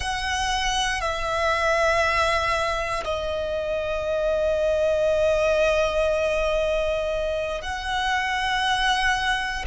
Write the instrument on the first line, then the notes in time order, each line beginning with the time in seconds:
violin
0.00 F#5
1.00 E5
3.04 D#5
7.61 F#5